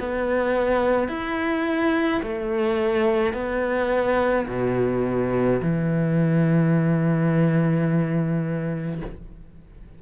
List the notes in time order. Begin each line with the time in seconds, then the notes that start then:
0.00 B3
1.09 E4
2.23 A3
3.34 B3
4.48 B2
5.62 E3